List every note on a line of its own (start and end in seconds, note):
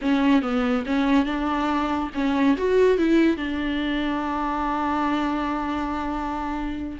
0.01 0.41 C#4
0.41 0.84 B3
0.86 1.25 C#4
1.25 2.10 D4
2.14 2.56 C#4
2.57 2.97 F#4
2.97 3.37 E4
3.37 6.98 D4